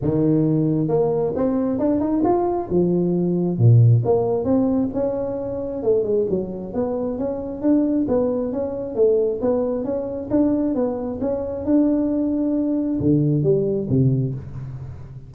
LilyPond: \new Staff \with { instrumentName = "tuba" } { \time 4/4 \tempo 4 = 134 dis2 ais4 c'4 | d'8 dis'8 f'4 f2 | ais,4 ais4 c'4 cis'4~ | cis'4 a8 gis8 fis4 b4 |
cis'4 d'4 b4 cis'4 | a4 b4 cis'4 d'4 | b4 cis'4 d'2~ | d'4 d4 g4 c4 | }